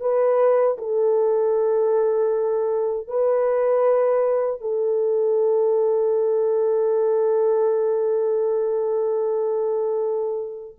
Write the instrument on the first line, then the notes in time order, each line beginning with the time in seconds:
horn
0.00 B4
0.78 A4
3.07 B4
4.60 A4